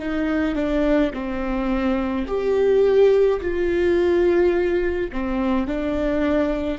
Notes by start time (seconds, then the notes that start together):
0.00 D#4
0.56 D4
1.13 C4
2.27 G4
3.42 F4
5.13 C4
5.68 D4